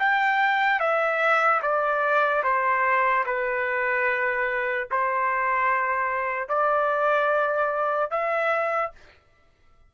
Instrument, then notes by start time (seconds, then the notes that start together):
trumpet
0.00 G5
0.80 E5
1.63 D5
2.44 C5
3.26 B4
4.91 C5
6.49 D5
8.11 E5